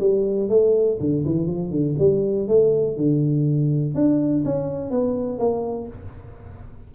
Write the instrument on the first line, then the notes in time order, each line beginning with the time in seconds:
tuba
0.00 G3
0.49 A3
1.00 D3
1.26 E3
1.47 F3
1.71 D3
1.99 G3
2.48 A3
2.97 D3
3.95 D4
4.45 C#4
4.91 B3
5.39 A#3